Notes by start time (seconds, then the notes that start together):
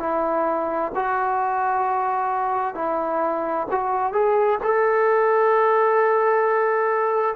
0.00 E4
0.96 F#4
2.75 E4
3.71 F#4
4.13 G#4
4.64 A4